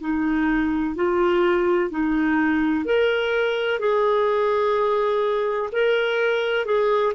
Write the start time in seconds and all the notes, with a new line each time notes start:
0.00 D#4
0.95 F4
1.90 D#4
2.85 A#4
3.79 G#4
5.72 A#4
6.65 G#4